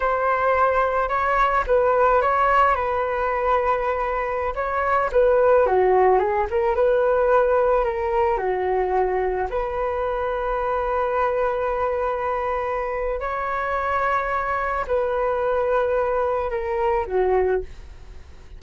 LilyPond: \new Staff \with { instrumentName = "flute" } { \time 4/4 \tempo 4 = 109 c''2 cis''4 b'4 | cis''4 b'2.~ | b'16 cis''4 b'4 fis'4 gis'8 ais'16~ | ais'16 b'2 ais'4 fis'8.~ |
fis'4~ fis'16 b'2~ b'8.~ | b'1 | cis''2. b'4~ | b'2 ais'4 fis'4 | }